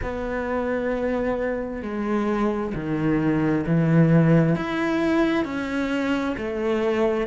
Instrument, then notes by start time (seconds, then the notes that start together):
cello
0.02 B3
1.82 G#3
2.74 D#3
3.66 E3
4.55 E4
5.44 C#4
6.37 A3